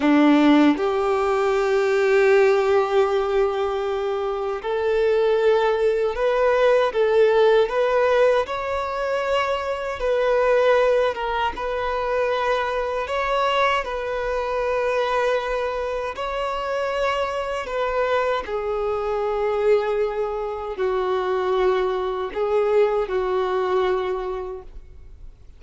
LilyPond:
\new Staff \with { instrumentName = "violin" } { \time 4/4 \tempo 4 = 78 d'4 g'2.~ | g'2 a'2 | b'4 a'4 b'4 cis''4~ | cis''4 b'4. ais'8 b'4~ |
b'4 cis''4 b'2~ | b'4 cis''2 b'4 | gis'2. fis'4~ | fis'4 gis'4 fis'2 | }